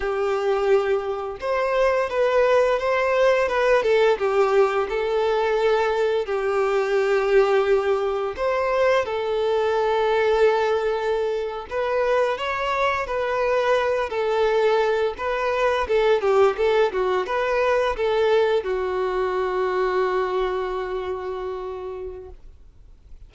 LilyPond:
\new Staff \with { instrumentName = "violin" } { \time 4/4 \tempo 4 = 86 g'2 c''4 b'4 | c''4 b'8 a'8 g'4 a'4~ | a'4 g'2. | c''4 a'2.~ |
a'8. b'4 cis''4 b'4~ b'16~ | b'16 a'4. b'4 a'8 g'8 a'16~ | a'16 fis'8 b'4 a'4 fis'4~ fis'16~ | fis'1 | }